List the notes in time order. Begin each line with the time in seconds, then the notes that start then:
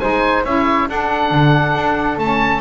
0.00 G#3 D#4 C5 G#5
0.45 C#4 E4 C#5 E5
0.88 D4 A4 F#5
1.31 D3
1.75 D4
2.18 A3 C#4 A5